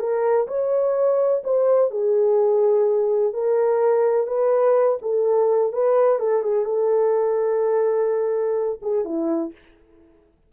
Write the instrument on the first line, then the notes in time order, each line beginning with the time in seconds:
horn
0.00 A#4
0.48 C#5
1.44 C5
1.91 G#4
3.34 A#4
4.27 B4
5.02 A4
5.73 B4
6.20 A4
6.43 G#4
6.65 A4
8.82 G#4
9.05 E4